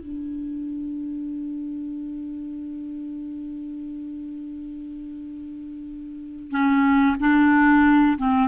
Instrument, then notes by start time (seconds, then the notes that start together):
clarinet
0.00 D4
6.51 C#4
7.20 D4
8.18 C4